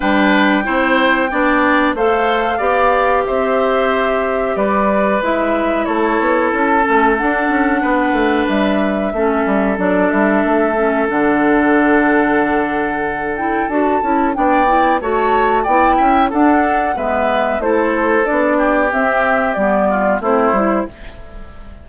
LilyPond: <<
  \new Staff \with { instrumentName = "flute" } { \time 4/4 \tempo 4 = 92 g''2. f''4~ | f''4 e''2 d''4 | e''4 cis''4 a''4 fis''4~ | fis''4 e''2 d''8 e''8~ |
e''4 fis''2.~ | fis''8 g''8 a''4 g''4 a''4 | g''4 fis''4 e''4 c''4 | d''4 e''4 d''4 c''4 | }
  \new Staff \with { instrumentName = "oboe" } { \time 4/4 b'4 c''4 d''4 c''4 | d''4 c''2 b'4~ | b'4 a'2. | b'2 a'2~ |
a'1~ | a'2 d''4 cis''4 | d''8 e''8 a'4 b'4 a'4~ | a'8 g'2 f'8 e'4 | }
  \new Staff \with { instrumentName = "clarinet" } { \time 4/4 d'4 e'4 d'4 a'4 | g'1 | e'2~ e'8 cis'8 d'4~ | d'2 cis'4 d'4~ |
d'8 cis'8 d'2.~ | d'8 e'8 fis'8 e'8 d'8 e'8 fis'4 | e'4 d'4 b4 e'4 | d'4 c'4 b4 c'8 e'8 | }
  \new Staff \with { instrumentName = "bassoon" } { \time 4/4 g4 c'4 b4 a4 | b4 c'2 g4 | gis4 a8 b8 cis'8 a8 d'8 cis'8 | b8 a8 g4 a8 g8 fis8 g8 |
a4 d2.~ | d4 d'8 cis'8 b4 a4 | b8 cis'8 d'4 gis4 a4 | b4 c'4 g4 a8 g8 | }
>>